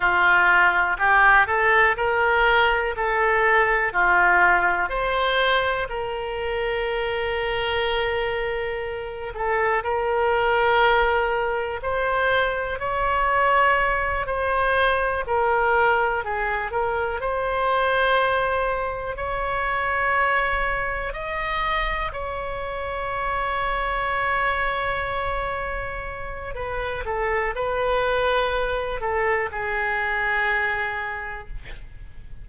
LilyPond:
\new Staff \with { instrumentName = "oboe" } { \time 4/4 \tempo 4 = 61 f'4 g'8 a'8 ais'4 a'4 | f'4 c''4 ais'2~ | ais'4. a'8 ais'2 | c''4 cis''4. c''4 ais'8~ |
ais'8 gis'8 ais'8 c''2 cis''8~ | cis''4. dis''4 cis''4.~ | cis''2. b'8 a'8 | b'4. a'8 gis'2 | }